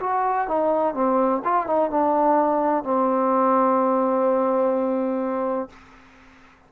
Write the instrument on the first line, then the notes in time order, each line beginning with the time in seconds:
trombone
0.00 F#4
0.48 D#4
0.94 C4
1.44 F4
1.67 D#4
1.90 D4
2.84 C4